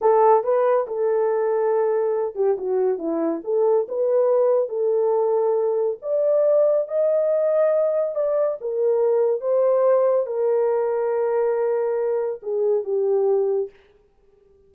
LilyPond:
\new Staff \with { instrumentName = "horn" } { \time 4/4 \tempo 4 = 140 a'4 b'4 a'2~ | a'4. g'8 fis'4 e'4 | a'4 b'2 a'4~ | a'2 d''2 |
dis''2. d''4 | ais'2 c''2 | ais'1~ | ais'4 gis'4 g'2 | }